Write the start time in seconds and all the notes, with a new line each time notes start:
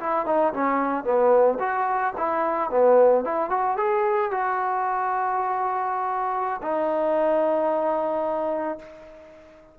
0.00 E4
0.26 D#4
0.53 C#4
1.04 B3
1.59 F#4
2.18 E4
2.70 B3
3.24 E4
3.50 F#4
3.77 G#4
4.31 F#4
6.62 D#4